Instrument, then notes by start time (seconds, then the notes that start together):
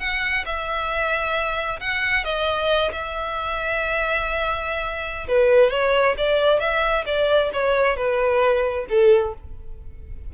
violin
0.00 F#5
0.45 E5
1.80 F#5
2.24 D#5
2.92 E5
5.28 B4
5.70 C#5
6.17 D5
6.60 E5
7.06 D5
7.53 C#5
7.97 B4
8.89 A4